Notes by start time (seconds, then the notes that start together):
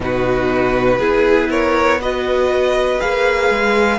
0.00 B2 D#4 F#4 B4
0.99 B3 E4 G#4
1.49 A#4 C#5
2.00 F#4 B4 D#5
2.99 A#3 G#4 F5
3.50 G#3